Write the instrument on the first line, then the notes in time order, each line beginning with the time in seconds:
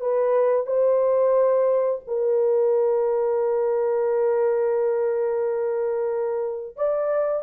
horn
0.00 B4
0.66 C5
2.07 A#4
6.76 D5